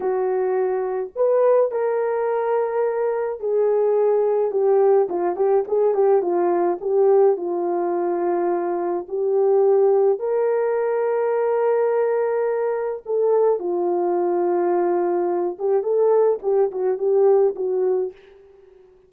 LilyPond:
\new Staff \with { instrumentName = "horn" } { \time 4/4 \tempo 4 = 106 fis'2 b'4 ais'4~ | ais'2 gis'2 | g'4 f'8 g'8 gis'8 g'8 f'4 | g'4 f'2. |
g'2 ais'2~ | ais'2. a'4 | f'2.~ f'8 g'8 | a'4 g'8 fis'8 g'4 fis'4 | }